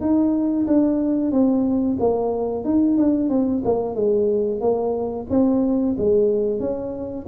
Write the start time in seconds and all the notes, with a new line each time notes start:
0.00 D#4
0.67 D4
1.31 C4
1.99 A#3
2.64 D#4
2.97 D4
3.29 C4
3.64 A#3
3.95 G#3
4.60 A#3
5.29 C4
5.97 G#3
6.60 C#4